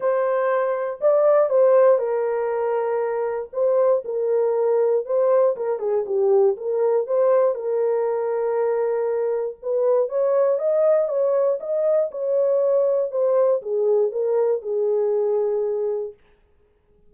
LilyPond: \new Staff \with { instrumentName = "horn" } { \time 4/4 \tempo 4 = 119 c''2 d''4 c''4 | ais'2. c''4 | ais'2 c''4 ais'8 gis'8 | g'4 ais'4 c''4 ais'4~ |
ais'2. b'4 | cis''4 dis''4 cis''4 dis''4 | cis''2 c''4 gis'4 | ais'4 gis'2. | }